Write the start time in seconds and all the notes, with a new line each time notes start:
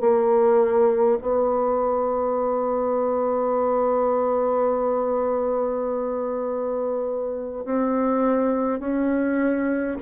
0.00 A#3
1.21 B3
7.65 C4
8.80 C#4